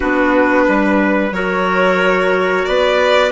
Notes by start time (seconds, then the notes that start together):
0.00 B3 D4 F#4 B4
0.68 G3 B4
1.31 F#3 F#4 A#4 C#5
2.65 B3 B4 D5